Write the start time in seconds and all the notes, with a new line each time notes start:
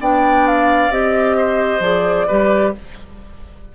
0.00 B3 D4 D5 G5
0.48 F5
0.90 C4 G4 D#5
1.37 C5
1.80 F3 G#4 D5
2.27 G3 G4 B4